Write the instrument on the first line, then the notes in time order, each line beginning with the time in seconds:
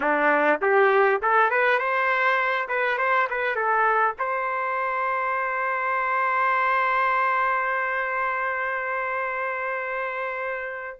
trumpet
0.00 D4
0.61 G4
1.22 A4
1.50 B4
1.78 C5
2.68 B4
2.98 C5
3.30 B4
3.55 A4
4.18 C5